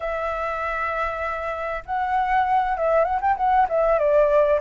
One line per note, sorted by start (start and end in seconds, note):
0.00 1.83 E5
1.85 2.77 F#5
2.77 3.04 E5
3.04 3.19 F#5
3.21 3.36 G5
3.36 3.67 F#5
3.68 3.98 E5
3.98 4.59 D5